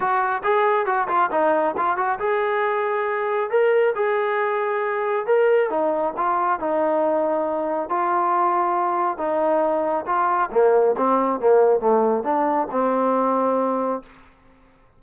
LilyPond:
\new Staff \with { instrumentName = "trombone" } { \time 4/4 \tempo 4 = 137 fis'4 gis'4 fis'8 f'8 dis'4 | f'8 fis'8 gis'2. | ais'4 gis'2. | ais'4 dis'4 f'4 dis'4~ |
dis'2 f'2~ | f'4 dis'2 f'4 | ais4 c'4 ais4 a4 | d'4 c'2. | }